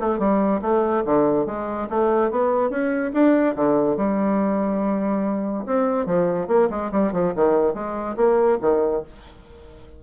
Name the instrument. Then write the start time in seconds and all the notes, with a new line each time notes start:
bassoon
0.00 A3
0.19 G3
0.62 A3
1.06 D3
1.46 G#3
1.90 A3
2.31 B3
2.70 C#4
3.14 D4
3.56 D3
3.97 G3
5.66 C4
6.06 F3
6.48 A#3
6.70 G#3
6.92 G3
7.13 F3
7.36 D#3
7.74 G#3
8.16 A#3
8.61 D#3